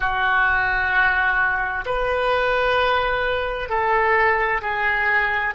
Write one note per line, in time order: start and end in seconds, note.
0.00 1.84 F#4
1.85 3.69 B4
3.69 4.61 A4
4.62 5.54 G#4